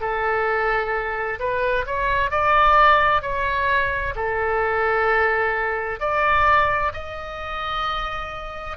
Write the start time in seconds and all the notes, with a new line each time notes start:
0.00 A4
1.39 B4
1.86 C#5
2.30 D5
3.21 C#5
4.15 A4
6.00 D5
6.93 D#5